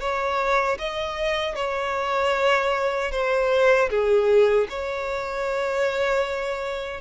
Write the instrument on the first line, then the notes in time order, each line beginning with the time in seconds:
violin
0.00 C#5
0.78 D#5
1.55 C#5
3.11 C5
3.90 G#4
4.69 C#5